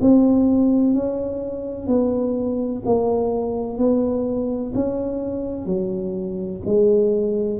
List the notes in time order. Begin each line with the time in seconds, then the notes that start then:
0.00 C4
0.94 C#4
1.87 B3
2.85 A#3
3.77 B3
4.74 C#4
5.66 F#3
6.65 G#3